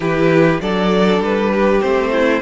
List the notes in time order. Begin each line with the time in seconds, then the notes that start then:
0.00 E3 E4 G4 B4
0.61 F#3 D4 A4 D5
1.20 G3 B4
1.53 G4
1.81 A3 C4 C5
2.12 E4